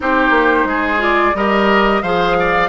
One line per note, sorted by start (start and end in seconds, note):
0.00 0.30 C4
0.00 0.98 D#4
0.00 0.68 G4
0.00 1.02 C5
0.30 0.64 A#3
0.64 1.32 G#3
0.64 1.36 G#4
0.98 1.32 F4
0.98 1.35 D5
1.34 2.01 G3
1.34 2.03 G4
1.34 2.02 A#4
1.34 2.02 D#5
2.02 2.68 F3
2.02 2.68 G#4
2.02 2.36 C5
2.02 2.68 F5
2.39 2.68 D5